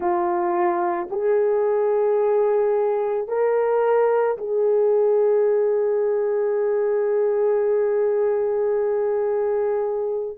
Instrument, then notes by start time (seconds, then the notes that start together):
horn
0.00 F4
1.10 G#4
3.28 A#4
4.37 G#4